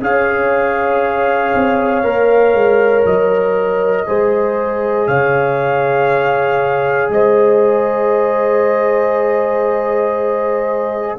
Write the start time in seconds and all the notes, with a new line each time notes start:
0.00 C#4 G#4 C#5 F5
1.54 C4
2.03 A#3 A#4
2.53 G#3
3.05 F#3 D#5
4.06 G#3 G#4 C5
5.07 C#3 C#5 F5
7.09 G#3 C5 D#5